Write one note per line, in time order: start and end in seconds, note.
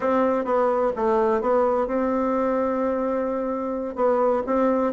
0.00 0.45 C4
0.45 0.91 B3
0.95 1.41 A3
1.41 1.87 B3
1.87 3.95 C4
3.95 4.42 B3
4.46 4.92 C4